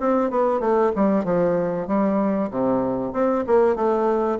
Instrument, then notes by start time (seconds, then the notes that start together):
bassoon
0.00 C4
0.30 B3
0.60 A3
0.96 G3
1.25 F3
1.87 G3
2.51 C3
3.13 C4
3.47 A#3
3.76 A3